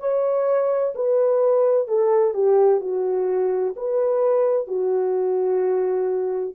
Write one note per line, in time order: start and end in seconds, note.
0.00 0.94 C#5
0.95 1.88 B4
1.88 2.34 A4
2.34 2.81 G4
2.81 3.75 F#4
3.77 4.68 B4
4.68 6.55 F#4